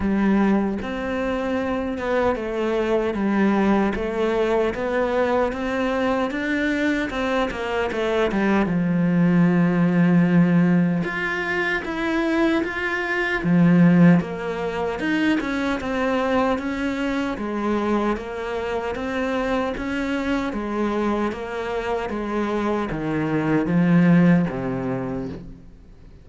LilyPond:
\new Staff \with { instrumentName = "cello" } { \time 4/4 \tempo 4 = 76 g4 c'4. b8 a4 | g4 a4 b4 c'4 | d'4 c'8 ais8 a8 g8 f4~ | f2 f'4 e'4 |
f'4 f4 ais4 dis'8 cis'8 | c'4 cis'4 gis4 ais4 | c'4 cis'4 gis4 ais4 | gis4 dis4 f4 c4 | }